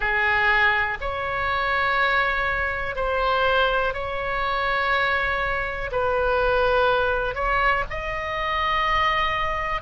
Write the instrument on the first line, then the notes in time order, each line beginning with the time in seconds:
oboe
0.00 G#4
1.01 C#5
2.95 C5
3.93 C#5
5.92 B4
7.35 C#5
7.90 D#5